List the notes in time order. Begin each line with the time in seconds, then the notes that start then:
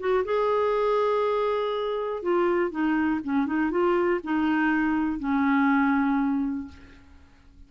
0.00 F#4
0.25 G#4
2.23 F4
2.71 D#4
3.24 C#4
3.47 D#4
3.71 F4
4.24 D#4
5.20 C#4